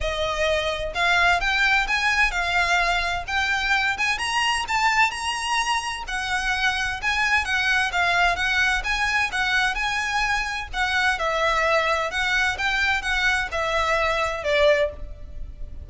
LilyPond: \new Staff \with { instrumentName = "violin" } { \time 4/4 \tempo 4 = 129 dis''2 f''4 g''4 | gis''4 f''2 g''4~ | g''8 gis''8 ais''4 a''4 ais''4~ | ais''4 fis''2 gis''4 |
fis''4 f''4 fis''4 gis''4 | fis''4 gis''2 fis''4 | e''2 fis''4 g''4 | fis''4 e''2 d''4 | }